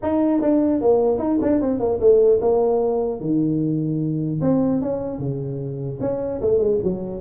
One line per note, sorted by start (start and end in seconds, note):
0.02 0.41 D#4
0.41 0.81 D4
0.81 1.18 A#3
1.18 1.38 D#4
1.42 1.61 D4
1.61 1.79 C4
1.79 1.99 A#3
2.00 2.40 A3
2.41 3.20 A#3
3.20 4.40 D#3
4.41 4.81 C4
4.81 5.18 C#4
5.18 5.98 C#3
6.00 6.40 C#4
6.41 6.58 A3
6.58 6.78 G#3
6.83 7.21 F#3